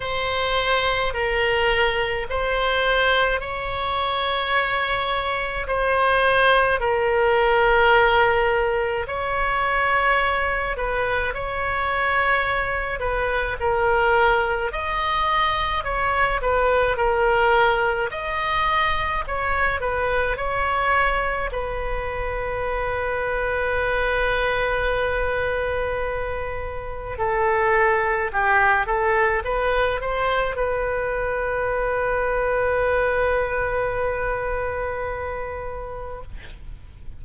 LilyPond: \new Staff \with { instrumentName = "oboe" } { \time 4/4 \tempo 4 = 53 c''4 ais'4 c''4 cis''4~ | cis''4 c''4 ais'2 | cis''4. b'8 cis''4. b'8 | ais'4 dis''4 cis''8 b'8 ais'4 |
dis''4 cis''8 b'8 cis''4 b'4~ | b'1 | a'4 g'8 a'8 b'8 c''8 b'4~ | b'1 | }